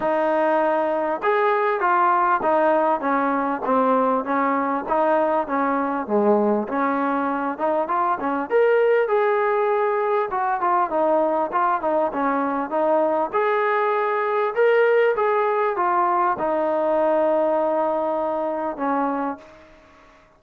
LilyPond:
\new Staff \with { instrumentName = "trombone" } { \time 4/4 \tempo 4 = 99 dis'2 gis'4 f'4 | dis'4 cis'4 c'4 cis'4 | dis'4 cis'4 gis4 cis'4~ | cis'8 dis'8 f'8 cis'8 ais'4 gis'4~ |
gis'4 fis'8 f'8 dis'4 f'8 dis'8 | cis'4 dis'4 gis'2 | ais'4 gis'4 f'4 dis'4~ | dis'2. cis'4 | }